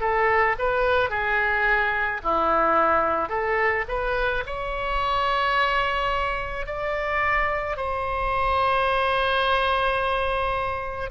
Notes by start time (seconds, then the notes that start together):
0.00 A4
0.58 B4
1.10 G#4
2.23 E4
3.29 A4
3.88 B4
4.46 C#5
6.66 D5
7.76 C5